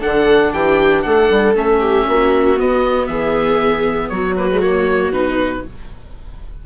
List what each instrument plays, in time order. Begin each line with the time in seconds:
0.00 bassoon D3, viola D4 A4, oboe F#5
0.53 bassoon E3, viola G4, oboe G5
1.02 bassoon A3, viola A4, oboe F#5
1.30 bassoon G3
1.55 bassoon A3, viola C#4, oboe E5
1.81 viola G4
2.07 bassoon A#3, viola F#4
2.57 viola B3, bassoon B3, oboe D#5
3.07 bassoon E3, viola G#4, oboe E5
4.09 bassoon F#3, viola F#4, oboe C#5
4.37 viola A#3, oboe B4
4.52 viola G#3
4.61 viola A#3, oboe C#5
5.11 bassoon B2, viola D#4, oboe B4